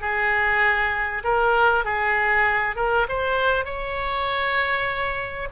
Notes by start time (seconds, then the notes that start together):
0.00 G#4
1.23 A#4
1.84 G#4
2.76 A#4
3.08 C5
3.65 C#5